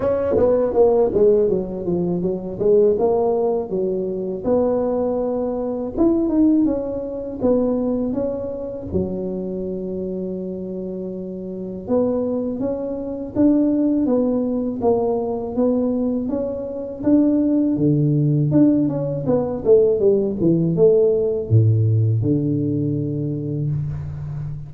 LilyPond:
\new Staff \with { instrumentName = "tuba" } { \time 4/4 \tempo 4 = 81 cis'8 b8 ais8 gis8 fis8 f8 fis8 gis8 | ais4 fis4 b2 | e'8 dis'8 cis'4 b4 cis'4 | fis1 |
b4 cis'4 d'4 b4 | ais4 b4 cis'4 d'4 | d4 d'8 cis'8 b8 a8 g8 e8 | a4 a,4 d2 | }